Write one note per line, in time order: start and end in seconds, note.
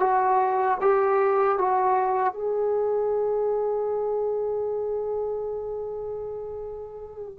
0.00 0.78 F#4
0.81 1.58 G4
1.58 2.33 F#4
2.33 7.39 G#4